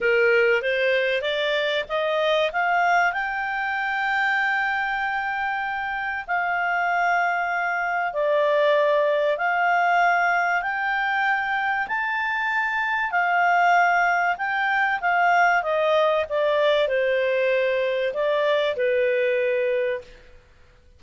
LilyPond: \new Staff \with { instrumentName = "clarinet" } { \time 4/4 \tempo 4 = 96 ais'4 c''4 d''4 dis''4 | f''4 g''2.~ | g''2 f''2~ | f''4 d''2 f''4~ |
f''4 g''2 a''4~ | a''4 f''2 g''4 | f''4 dis''4 d''4 c''4~ | c''4 d''4 b'2 | }